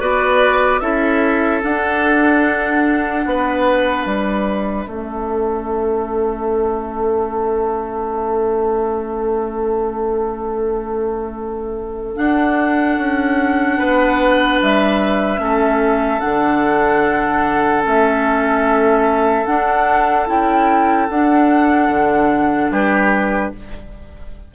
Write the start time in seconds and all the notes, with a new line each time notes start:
0.00 B3 F#4 B4 D5
0.80 C#4 E4 A4 E5
1.63 D4 F#5
3.26 B3 B4
4.06 G3 E5
4.87 A3 C#4 A4
12.16 D4 F#5
12.98 C#4
13.79 B3 B4
14.62 G3 E5
15.38 A3 C#4 A4
16.20 D3 D4 F#5
17.83 A3 C#4 E5
19.46 D4 F#5
20.27 C#4 E4 G5
21.10 D4 F#5
21.89 D3
22.71 G3 G4 B4